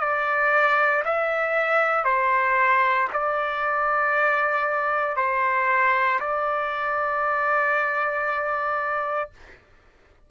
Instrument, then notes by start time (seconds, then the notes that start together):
trumpet
0.00 D5
1.05 E5
2.05 C5
3.13 D5
5.17 C5
6.21 D5